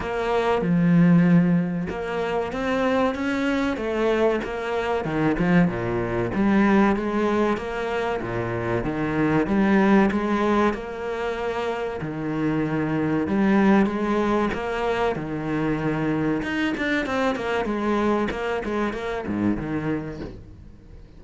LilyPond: \new Staff \with { instrumentName = "cello" } { \time 4/4 \tempo 4 = 95 ais4 f2 ais4 | c'4 cis'4 a4 ais4 | dis8 f8 ais,4 g4 gis4 | ais4 ais,4 dis4 g4 |
gis4 ais2 dis4~ | dis4 g4 gis4 ais4 | dis2 dis'8 d'8 c'8 ais8 | gis4 ais8 gis8 ais8 gis,8 dis4 | }